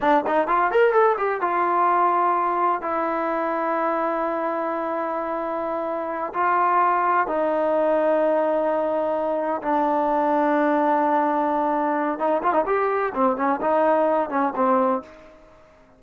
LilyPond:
\new Staff \with { instrumentName = "trombone" } { \time 4/4 \tempo 4 = 128 d'8 dis'8 f'8 ais'8 a'8 g'8 f'4~ | f'2 e'2~ | e'1~ | e'4. f'2 dis'8~ |
dis'1~ | dis'8 d'2.~ d'8~ | d'2 dis'8 f'16 dis'16 g'4 | c'8 cis'8 dis'4. cis'8 c'4 | }